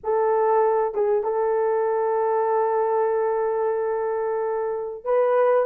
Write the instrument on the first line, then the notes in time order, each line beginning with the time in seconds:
horn
0.03 A4
0.94 G#4
1.23 A4
5.04 B4